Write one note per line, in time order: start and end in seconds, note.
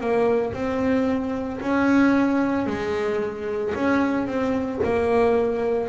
0.00 0.53 A#3
0.53 1.60 C4
1.60 2.66 C#4
2.66 3.73 G#3
3.74 4.27 C#4
4.27 4.80 C4
4.83 5.88 A#3